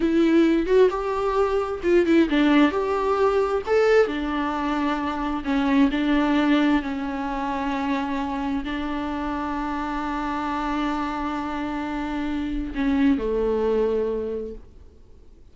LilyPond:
\new Staff \with { instrumentName = "viola" } { \time 4/4 \tempo 4 = 132 e'4. fis'8 g'2 | f'8 e'8 d'4 g'2 | a'4 d'2. | cis'4 d'2 cis'4~ |
cis'2. d'4~ | d'1~ | d'1 | cis'4 a2. | }